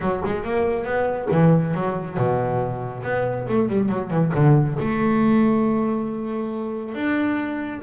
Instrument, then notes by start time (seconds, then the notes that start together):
double bass
0.00 F#3
0.24 G#3
0.43 A#3
0.84 B3
1.31 E3
1.74 F#3
2.17 B2
3.03 B3
3.48 A3
3.69 G3
3.88 F#3
4.10 E3
4.34 D3
4.79 A3
6.95 D4